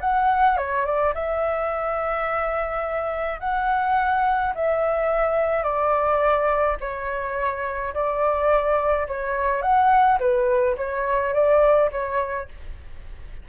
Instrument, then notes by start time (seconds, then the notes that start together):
flute
0.00 F#5
0.57 C#5
0.85 D5
1.14 E5
3.40 F#5
4.54 E5
5.63 D5
6.80 C#5
7.94 D5
9.07 C#5
9.62 F#5
10.19 B4
10.76 C#5
11.33 D5
11.91 C#5